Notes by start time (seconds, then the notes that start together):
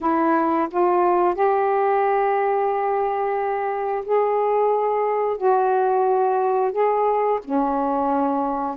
0.00 E4
0.70 F4
1.35 G4
4.04 G#4
5.37 F#4
6.72 G#4
7.44 C#4